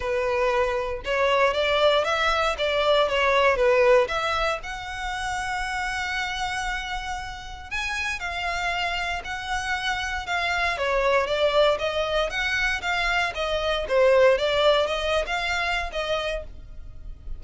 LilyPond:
\new Staff \with { instrumentName = "violin" } { \time 4/4 \tempo 4 = 117 b'2 cis''4 d''4 | e''4 d''4 cis''4 b'4 | e''4 fis''2.~ | fis''2. gis''4 |
f''2 fis''2 | f''4 cis''4 d''4 dis''4 | fis''4 f''4 dis''4 c''4 | d''4 dis''8. f''4~ f''16 dis''4 | }